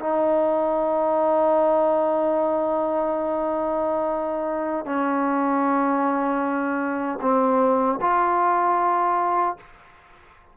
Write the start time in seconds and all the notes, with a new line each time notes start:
0.00 D#4
4.86 C#4
7.22 C4
8.01 F4